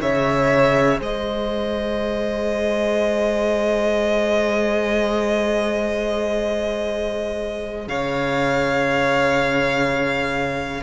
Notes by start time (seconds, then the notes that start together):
0.00 C#3 G#4 C#5 E5
0.99 G#3 C5 D#5
7.88 C#3 C#5 F5